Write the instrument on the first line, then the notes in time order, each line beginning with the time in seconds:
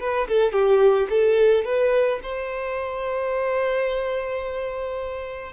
violin
0.00 B4
0.28 A4
0.52 G4
1.09 A4
1.65 B4
2.22 C5